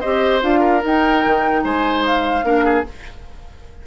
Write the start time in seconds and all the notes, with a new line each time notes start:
0.00 C4 G4 C5 D#5
0.41 D4 F4 F5
0.59 A#4
0.81 D#4 G5
1.25 D#3
1.63 G#3 C5 G#5
2.05 F5
2.43 A#3 D4 A#4
2.65 G#4